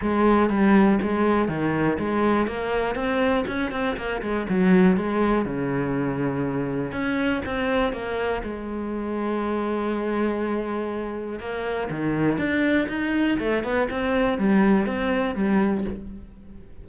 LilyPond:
\new Staff \with { instrumentName = "cello" } { \time 4/4 \tempo 4 = 121 gis4 g4 gis4 dis4 | gis4 ais4 c'4 cis'8 c'8 | ais8 gis8 fis4 gis4 cis4~ | cis2 cis'4 c'4 |
ais4 gis2.~ | gis2. ais4 | dis4 d'4 dis'4 a8 b8 | c'4 g4 c'4 g4 | }